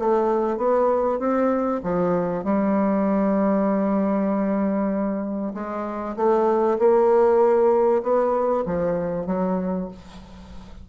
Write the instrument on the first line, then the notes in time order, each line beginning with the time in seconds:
bassoon
0.00 A3
0.58 B3
1.20 C4
1.84 F3
2.45 G3
5.55 G#3
6.17 A3
6.79 A#3
8.03 B3
8.66 F3
9.27 F#3